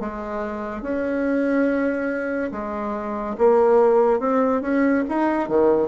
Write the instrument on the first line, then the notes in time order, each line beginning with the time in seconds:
bassoon
0.00 G#3
0.82 C#4
2.52 G#3
3.38 A#3
4.20 C4
4.62 C#4
5.09 D#4
5.49 D#3